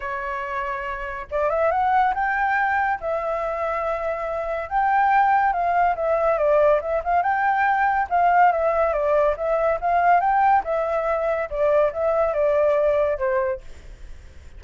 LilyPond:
\new Staff \with { instrumentName = "flute" } { \time 4/4 \tempo 4 = 141 cis''2. d''8 e''8 | fis''4 g''2 e''4~ | e''2. g''4~ | g''4 f''4 e''4 d''4 |
e''8 f''8 g''2 f''4 | e''4 d''4 e''4 f''4 | g''4 e''2 d''4 | e''4 d''2 c''4 | }